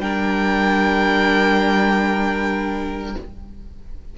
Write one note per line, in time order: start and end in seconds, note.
0.00 3.16 G3
0.00 3.18 D4
0.00 3.18 A#4
0.00 3.16 G5